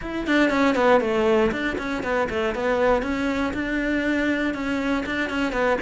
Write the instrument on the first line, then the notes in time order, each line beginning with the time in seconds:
cello
0.01 E4
0.26 D4
0.50 C#4
0.75 B3
1.00 A3
1.51 D4
1.78 C#4
2.03 B3
2.29 A3
2.55 B3
3.02 C#4
3.53 D4
4.54 C#4
5.06 D4
5.29 C#4
5.52 B3